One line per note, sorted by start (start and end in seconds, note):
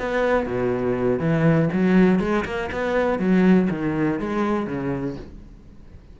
0.00 0.47 B3
0.47 1.20 B2
1.20 1.69 E3
1.73 2.20 F#3
2.20 2.45 G#3
2.46 2.70 A#3
2.72 3.19 B3
3.19 3.69 F#3
3.70 4.20 D#3
4.20 4.67 G#3
4.67 5.17 C#3